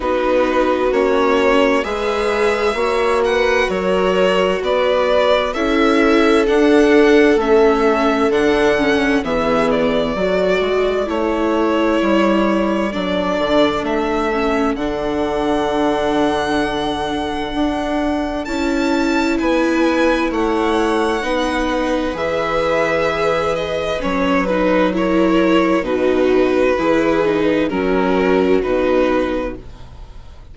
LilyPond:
<<
  \new Staff \with { instrumentName = "violin" } { \time 4/4 \tempo 4 = 65 b'4 cis''4 e''4. fis''8 | cis''4 d''4 e''4 fis''4 | e''4 fis''4 e''8 d''4. | cis''2 d''4 e''4 |
fis''1 | a''4 gis''4 fis''2 | e''4. dis''8 cis''8 b'8 cis''4 | b'2 ais'4 b'4 | }
  \new Staff \with { instrumentName = "viola" } { \time 4/4 fis'2 b'4 cis''8 b'8 | ais'4 b'4 a'2~ | a'2 gis'4 a'4~ | a'1~ |
a'1~ | a'4 b'4 cis''4 b'4~ | b'2. ais'4 | fis'4 gis'4 fis'2 | }
  \new Staff \with { instrumentName = "viola" } { \time 4/4 dis'4 cis'4 gis'4 fis'4~ | fis'2 e'4 d'4 | cis'4 d'8 cis'8 b4 fis'4 | e'2 d'4. cis'8 |
d'1 | e'2. dis'4 | gis'2 cis'8 dis'8 e'4 | dis'4 e'8 dis'8 cis'4 dis'4 | }
  \new Staff \with { instrumentName = "bassoon" } { \time 4/4 b4 ais4 gis4 ais4 | fis4 b4 cis'4 d'4 | a4 d4 e4 fis8 gis8 | a4 g4 fis8 d8 a4 |
d2. d'4 | cis'4 b4 a4 b4 | e2 fis2 | b,4 e4 fis4 b,4 | }
>>